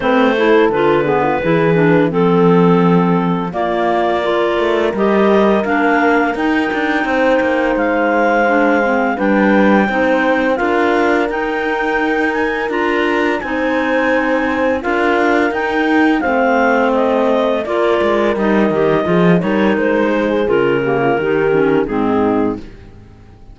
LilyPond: <<
  \new Staff \with { instrumentName = "clarinet" } { \time 4/4 \tempo 4 = 85 c''4 b'2 a'4~ | a'4 d''2 dis''4 | f''4 g''2 f''4~ | f''4 g''2 f''4 |
g''4. gis''8 ais''4 gis''4~ | gis''4 f''4 g''4 f''4 | dis''4 d''4 dis''4. cis''8 | c''4 ais'2 gis'4 | }
  \new Staff \with { instrumentName = "horn" } { \time 4/4 b'8 a'4 gis'16 f'16 gis'4 a'4~ | a'4 f'4 ais'2~ | ais'2 c''2~ | c''4 b'4 c''4 ais'4~ |
ais'2. c''4~ | c''4 ais'2 c''4~ | c''4 ais'2 gis'8 ais'8~ | ais'8 gis'4 g'16 f'16 g'4 dis'4 | }
  \new Staff \with { instrumentName = "clarinet" } { \time 4/4 c'8 e'8 f'8 b8 e'8 d'8 c'4~ | c'4 ais4 f'4 g'4 | d'4 dis'2. | d'8 c'8 d'4 dis'4 f'4 |
dis'2 f'4 dis'4~ | dis'4 f'4 dis'4 c'4~ | c'4 f'4 dis'8 g'8 f'8 dis'8~ | dis'4 f'8 ais8 dis'8 cis'8 c'4 | }
  \new Staff \with { instrumentName = "cello" } { \time 4/4 a4 d4 e4 f4~ | f4 ais4. a8 g4 | ais4 dis'8 d'8 c'8 ais8 gis4~ | gis4 g4 c'4 d'4 |
dis'2 d'4 c'4~ | c'4 d'4 dis'4 a4~ | a4 ais8 gis8 g8 dis8 f8 g8 | gis4 cis4 dis4 gis,4 | }
>>